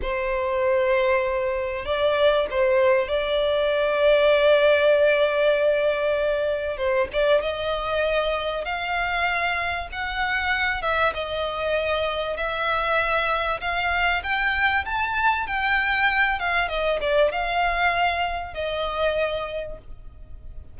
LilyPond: \new Staff \with { instrumentName = "violin" } { \time 4/4 \tempo 4 = 97 c''2. d''4 | c''4 d''2.~ | d''2. c''8 d''8 | dis''2 f''2 |
fis''4. e''8 dis''2 | e''2 f''4 g''4 | a''4 g''4. f''8 dis''8 d''8 | f''2 dis''2 | }